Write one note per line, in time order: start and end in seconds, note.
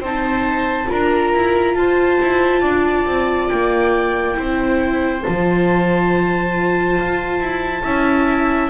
0.00 0.87 C4
0.00 0.86 D#4
0.00 0.87 C5
0.00 0.90 A5
0.86 1.33 D4
0.86 4.34 F4
0.86 1.76 A#4
0.86 1.75 A#5
1.33 1.75 E4
1.75 2.19 F4
1.75 2.61 C5
1.75 3.49 A5
2.20 2.62 E4
2.61 3.05 D4
2.61 4.35 D5
3.06 3.49 C4
3.49 4.38 A#3
3.49 5.23 G5
4.34 5.25 C4
4.34 5.21 E4
4.34 7.84 C5
5.23 6.99 F3
5.23 7.84 F4
5.23 8.70 A5
6.99 7.40 F4
7.40 7.83 E4
7.84 8.70 C#4
7.84 8.70 E4
7.84 8.70 E5